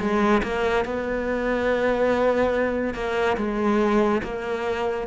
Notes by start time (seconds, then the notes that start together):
0.00 G#3
0.43 A#3
0.85 B3
2.95 A#3
3.38 G#3
4.23 A#3